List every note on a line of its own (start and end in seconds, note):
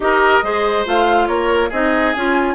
0.00 0.40 D#4
0.00 0.43 G4
0.00 0.44 A#4
0.00 0.86 D#5
0.43 0.85 G#3
0.43 0.85 G#4
0.43 1.28 C5
0.85 1.28 A3
0.85 1.70 F4
0.85 1.27 F5
1.27 1.70 A#3
1.27 1.69 A#4
1.27 1.70 C#5
1.69 2.14 C4
1.69 2.15 D#4
1.69 2.54 G#4
1.69 2.13 D#5
2.13 2.55 C#4
2.13 2.55 F4
2.13 2.55 G#5